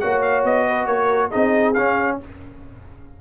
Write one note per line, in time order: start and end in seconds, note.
0.00 0.44 A#3
0.00 1.31 F#4
0.00 0.67 C#5
0.00 0.22 F#5
0.22 0.44 F5
0.44 0.87 B3
0.44 0.86 D#5
0.67 0.89 B4
0.86 1.30 A#3
0.86 1.30 A#4
0.86 1.30 C#5
1.30 1.77 C4
1.30 1.75 D#4
1.30 2.17 G#4
1.30 1.74 D#5
1.74 2.20 C#4
1.74 2.21 C#4
1.74 2.18 F5